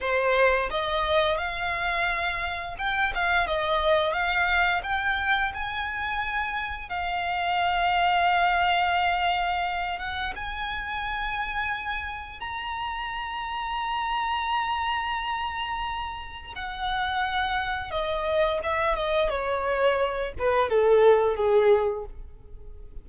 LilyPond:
\new Staff \with { instrumentName = "violin" } { \time 4/4 \tempo 4 = 87 c''4 dis''4 f''2 | g''8 f''8 dis''4 f''4 g''4 | gis''2 f''2~ | f''2~ f''8 fis''8 gis''4~ |
gis''2 ais''2~ | ais''1 | fis''2 dis''4 e''8 dis''8 | cis''4. b'8 a'4 gis'4 | }